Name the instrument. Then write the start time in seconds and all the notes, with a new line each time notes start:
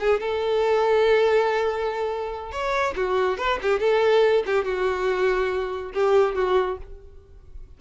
violin
0.00 G#4
0.20 A4
2.52 C#5
2.96 F#4
3.38 B4
3.62 G4
3.80 A4
4.46 G4
4.65 F#4
5.94 G4
6.35 F#4